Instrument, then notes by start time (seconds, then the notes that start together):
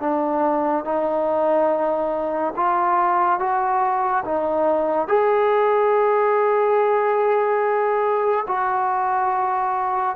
trombone
0.00 D4
0.85 D#4
2.57 F4
3.40 F#4
4.25 D#4
5.08 G#4
8.47 F#4